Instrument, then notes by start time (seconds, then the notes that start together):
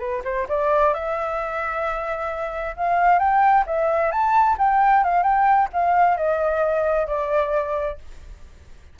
flute
0.00 B4
0.25 C5
0.49 D5
0.94 E5
2.77 F5
3.19 G5
3.67 E5
4.12 A5
4.59 G5
5.04 F5
5.23 G5
5.73 F5
6.17 D#5
7.07 D5